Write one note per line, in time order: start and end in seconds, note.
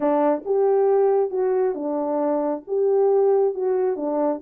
0.00 0.43 D4
0.45 1.30 G4
1.30 1.74 F#4
1.74 2.62 D4
2.67 3.54 G4
3.54 3.96 F#4
3.96 4.40 D4